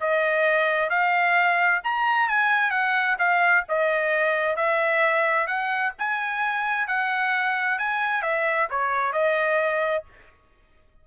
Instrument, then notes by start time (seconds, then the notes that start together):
trumpet
0.00 D#5
0.90 F5
1.84 A#5
2.29 G#5
2.71 F#5
3.19 F5
3.68 D#5
4.56 E5
5.47 F#5
5.99 G#5
6.87 F#5
7.79 G#5
8.22 E5
8.70 C#5
9.13 D#5